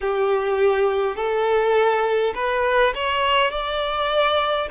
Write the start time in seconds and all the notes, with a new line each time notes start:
0.00 G4
1.16 A4
2.35 B4
2.94 C#5
3.50 D5